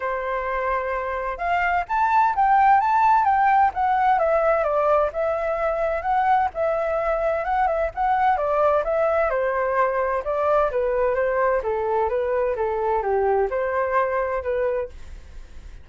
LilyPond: \new Staff \with { instrumentName = "flute" } { \time 4/4 \tempo 4 = 129 c''2. f''4 | a''4 g''4 a''4 g''4 | fis''4 e''4 d''4 e''4~ | e''4 fis''4 e''2 |
fis''8 e''8 fis''4 d''4 e''4 | c''2 d''4 b'4 | c''4 a'4 b'4 a'4 | g'4 c''2 b'4 | }